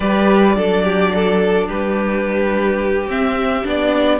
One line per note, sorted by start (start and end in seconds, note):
0.00 0.56 G3
0.00 0.55 G4
0.00 0.56 B4
0.00 1.68 D5
0.55 1.68 F#3
0.55 3.07 D4
0.55 0.84 A4
0.84 1.12 G4
1.14 1.67 A4
1.67 3.07 G3
1.67 4.19 G4
1.67 3.08 B4
3.07 3.63 C4
3.07 3.66 E5
3.63 4.19 B3
3.63 4.19 D4
3.63 4.19 D5